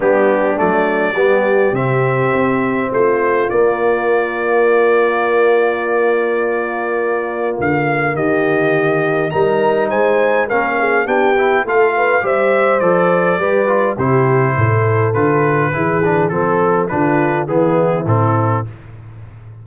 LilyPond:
<<
  \new Staff \with { instrumentName = "trumpet" } { \time 4/4 \tempo 4 = 103 g'4 d''2 e''4~ | e''4 c''4 d''2~ | d''1~ | d''4 f''4 dis''2 |
ais''4 gis''4 f''4 g''4 | f''4 e''4 d''2 | c''2 b'2 | a'4 b'4 gis'4 a'4 | }
  \new Staff \with { instrumentName = "horn" } { \time 4/4 d'2 g'2~ | g'4 f'2.~ | f'1~ | f'2 g'2 |
ais'4 c''4 ais'8 gis'8 g'4 | a'8 b'8 c''2 b'4 | g'4 a'2 gis'4 | a'4 f'4 e'2 | }
  \new Staff \with { instrumentName = "trombone" } { \time 4/4 b4 a4 b4 c'4~ | c'2 ais2~ | ais1~ | ais1 |
dis'2 cis'4 d'8 e'8 | f'4 g'4 a'4 g'8 f'8 | e'2 f'4 e'8 d'8 | c'4 d'4 b4 c'4 | }
  \new Staff \with { instrumentName = "tuba" } { \time 4/4 g4 fis4 g4 c4 | c'4 a4 ais2~ | ais1~ | ais4 d4 dis2 |
g4 gis4 ais4 b4 | a4 g4 f4 g4 | c4 a,4 d4 e4 | f4 d4 e4 a,4 | }
>>